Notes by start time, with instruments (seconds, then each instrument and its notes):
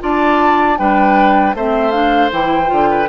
0.00 bassoon D4, clarinet F4, oboe D5, flute A5
0.78 bassoon G3, clarinet D4, oboe B4, flute G5
1.54 bassoon A3, clarinet C4, oboe C5, flute E5
1.91 clarinet D4, flute F5
2.32 bassoon E3, clarinet E4, flute G5
2.66 bassoon D3, clarinet F4
2.90 oboe B4